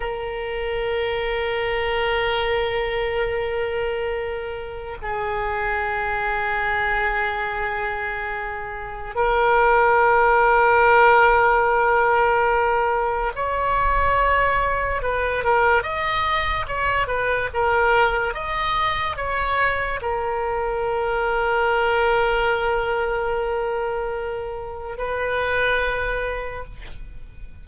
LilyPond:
\new Staff \with { instrumentName = "oboe" } { \time 4/4 \tempo 4 = 72 ais'1~ | ais'2 gis'2~ | gis'2. ais'4~ | ais'1 |
cis''2 b'8 ais'8 dis''4 | cis''8 b'8 ais'4 dis''4 cis''4 | ais'1~ | ais'2 b'2 | }